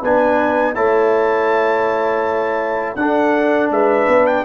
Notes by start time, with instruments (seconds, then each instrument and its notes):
0.00 tuba B3, trombone D4, horn B4, trumpet G#5
0.75 tuba A3, trombone E4, horn C#5, trumpet A5
2.95 tuba D4, trombone D4, horn A4, trumpet F#5
3.70 tuba G#3, horn B4, trumpet E5
4.08 tuba B3
4.26 trumpet G5